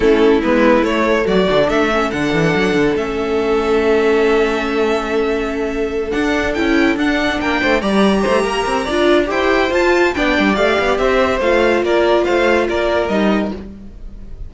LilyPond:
<<
  \new Staff \with { instrumentName = "violin" } { \time 4/4 \tempo 4 = 142 a'4 b'4 cis''4 d''4 | e''4 fis''2 e''4~ | e''1~ | e''2~ e''8 fis''4 g''8~ |
g''8 fis''4 g''4 ais''4.~ | ais''2 g''4 a''4 | g''4 f''4 e''4 f''4 | d''4 f''4 d''4 dis''4 | }
  \new Staff \with { instrumentName = "violin" } { \time 4/4 e'2. fis'4 | a'1~ | a'1~ | a'1~ |
a'4. ais'8 c''8 d''4 c''8 | ais'4 d''4 c''2 | d''2 c''2 | ais'4 c''4 ais'2 | }
  \new Staff \with { instrumentName = "viola" } { \time 4/4 cis'4 b4 a4. d'8~ | d'8 cis'8 d'2 cis'4~ | cis'1~ | cis'2~ cis'8 d'4 e'8~ |
e'8 d'2 g'4.~ | g'4 f'4 g'4 f'4 | d'4 g'2 f'4~ | f'2. dis'4 | }
  \new Staff \with { instrumentName = "cello" } { \time 4/4 a4 gis4 a4 fis8 d8 | a4 d8 e8 fis8 d8 a4~ | a1~ | a2~ a8 d'4 cis'8~ |
cis'8 d'4 ais8 a8 g4 a8 | ais8 c'8 d'4 e'4 f'4 | b8 g8 a8 b8 c'4 a4 | ais4 a4 ais4 g4 | }
>>